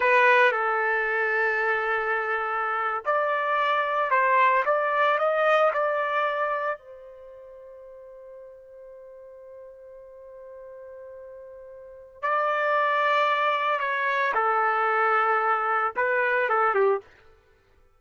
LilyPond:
\new Staff \with { instrumentName = "trumpet" } { \time 4/4 \tempo 4 = 113 b'4 a'2.~ | a'4.~ a'16 d''2 c''16~ | c''8. d''4 dis''4 d''4~ d''16~ | d''8. c''2.~ c''16~ |
c''1~ | c''2. d''4~ | d''2 cis''4 a'4~ | a'2 b'4 a'8 g'8 | }